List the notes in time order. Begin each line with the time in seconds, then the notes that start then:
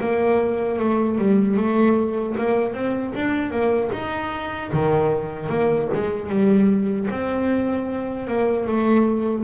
0.00 A#3
0.79 A3
1.18 G3
1.57 A3
2.38 A#3
2.73 C4
3.15 D4
3.51 A#3
3.92 D#4
4.73 D#3
5.49 A#3
5.94 G#3
6.29 G3
7.10 C4
8.28 A#3
8.67 A3